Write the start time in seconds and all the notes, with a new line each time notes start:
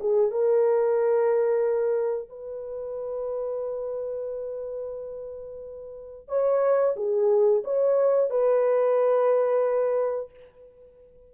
0.00 G#4
0.31 A#4
2.28 B4
6.28 C#5
6.96 G#4
7.64 C#5
8.30 B4